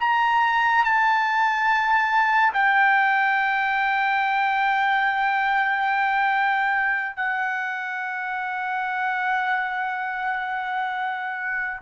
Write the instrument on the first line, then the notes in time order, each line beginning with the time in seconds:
trumpet
0.00 A#5
0.84 A5
2.53 G5
7.16 F#5